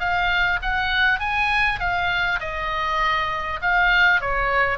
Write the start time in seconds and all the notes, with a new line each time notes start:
0.00 F5
0.62 F#5
1.20 G#5
1.80 F5
2.40 D#5
3.62 F5
4.21 C#5